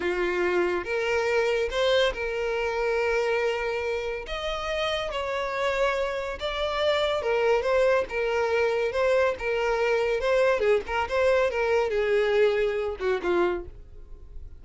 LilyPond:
\new Staff \with { instrumentName = "violin" } { \time 4/4 \tempo 4 = 141 f'2 ais'2 | c''4 ais'2.~ | ais'2 dis''2 | cis''2. d''4~ |
d''4 ais'4 c''4 ais'4~ | ais'4 c''4 ais'2 | c''4 gis'8 ais'8 c''4 ais'4 | gis'2~ gis'8 fis'8 f'4 | }